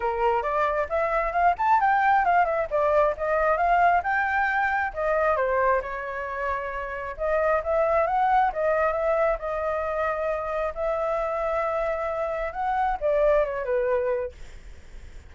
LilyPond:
\new Staff \with { instrumentName = "flute" } { \time 4/4 \tempo 4 = 134 ais'4 d''4 e''4 f''8 a''8 | g''4 f''8 e''8 d''4 dis''4 | f''4 g''2 dis''4 | c''4 cis''2. |
dis''4 e''4 fis''4 dis''4 | e''4 dis''2. | e''1 | fis''4 d''4 cis''8 b'4. | }